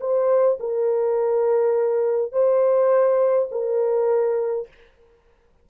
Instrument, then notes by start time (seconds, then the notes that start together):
horn
0.00 C5
0.60 A#4
2.32 C5
3.51 A#4